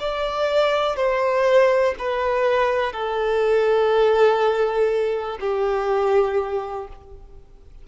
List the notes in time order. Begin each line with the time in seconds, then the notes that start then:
0.00 D5
0.97 C5
1.99 B4
2.93 A4
5.41 G4